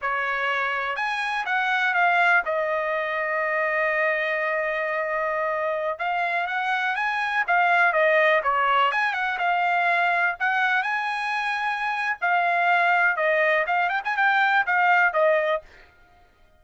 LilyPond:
\new Staff \with { instrumentName = "trumpet" } { \time 4/4 \tempo 4 = 123 cis''2 gis''4 fis''4 | f''4 dis''2.~ | dis''1~ | dis''16 f''4 fis''4 gis''4 f''8.~ |
f''16 dis''4 cis''4 gis''8 fis''8 f''8.~ | f''4~ f''16 fis''4 gis''4.~ gis''16~ | gis''4 f''2 dis''4 | f''8 g''16 gis''16 g''4 f''4 dis''4 | }